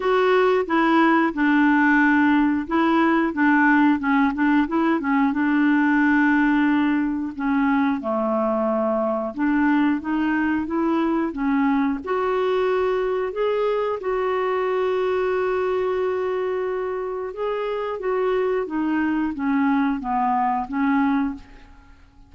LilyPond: \new Staff \with { instrumentName = "clarinet" } { \time 4/4 \tempo 4 = 90 fis'4 e'4 d'2 | e'4 d'4 cis'8 d'8 e'8 cis'8 | d'2. cis'4 | a2 d'4 dis'4 |
e'4 cis'4 fis'2 | gis'4 fis'2.~ | fis'2 gis'4 fis'4 | dis'4 cis'4 b4 cis'4 | }